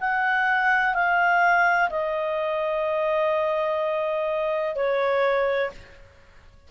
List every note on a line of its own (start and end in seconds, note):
0.00 0.94 F#5
0.94 1.90 F5
1.90 4.75 D#5
4.75 5.71 C#5